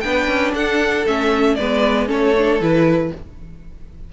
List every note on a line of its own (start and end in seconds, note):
0.00 0.27 B3
0.00 1.06 D4
0.00 0.51 G5
0.07 0.54 B4
0.27 0.53 C#4
0.54 1.06 D4
0.54 1.56 A4
0.54 1.06 F#5
1.06 1.57 A3
1.06 1.58 C#4
1.06 1.55 E5
1.55 2.09 G#3
1.55 2.07 B3
1.55 2.07 B4
1.55 2.06 D5
2.07 2.60 A3
2.07 2.32 C#4
2.07 3.10 A4
2.07 2.61 C#5
2.37 2.61 D4
2.60 3.11 E3
2.60 3.12 E4
2.60 3.13 B4